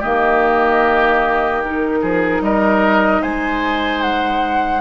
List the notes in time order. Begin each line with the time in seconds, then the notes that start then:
0.00 D#3 A#3 G4 D#5
1.64 D#4 A#4
2.02 F3 G#4
2.41 G3 A#4 D#5
3.22 G#3 C5 G#5
4.02 F#5